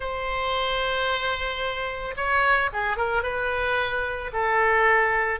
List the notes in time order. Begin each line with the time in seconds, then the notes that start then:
0.00 C5
2.16 C#5
2.72 G#4
2.96 A#4
3.23 B4
4.32 A4